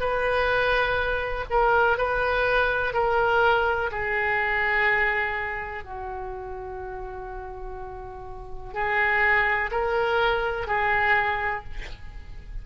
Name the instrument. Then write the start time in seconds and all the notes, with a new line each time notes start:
oboe
0.00 B4
1.50 A#4
1.98 B4
2.94 A#4
3.91 G#4
5.84 F#4
8.74 G#4
9.71 A#4
10.67 G#4